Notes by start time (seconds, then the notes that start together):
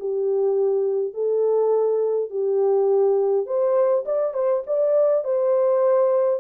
0.00 G4
1.14 A4
2.30 G4
3.46 C5
4.06 D5
4.34 C5
4.67 D5
5.25 C5